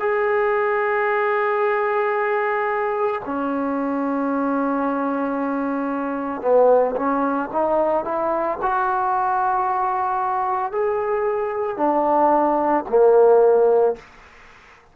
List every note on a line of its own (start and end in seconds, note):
0.00 3.21 G#4
3.25 6.41 C#4
6.41 6.94 B3
6.95 7.49 C#4
7.52 8.05 D#4
8.05 8.58 E4
8.62 10.71 F#4
10.71 11.77 G#4
11.77 12.84 D4
12.89 13.96 A#3